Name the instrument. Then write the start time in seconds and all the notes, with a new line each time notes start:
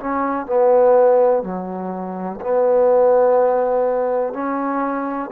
trombone
0.00 C#4
0.47 B3
1.43 F#3
2.41 B3
4.34 C#4